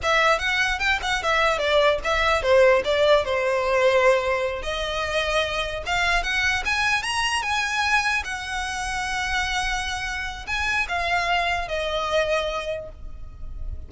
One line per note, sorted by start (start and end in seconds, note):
0.03 0.38 E5
0.38 0.79 F#5
0.79 0.99 G5
1.02 1.22 F#5
1.22 1.58 E5
1.58 1.98 D5
2.04 2.42 E5
2.42 2.82 C5
2.84 3.24 D5
3.24 4.62 C5
4.62 5.83 D#5
5.86 6.23 F5
6.23 6.63 F#5
6.65 7.02 G#5
7.02 7.42 A#5
7.42 8.23 G#5
8.24 10.46 F#5
10.46 10.87 G#5
10.88 11.68 F5
11.68 12.89 D#5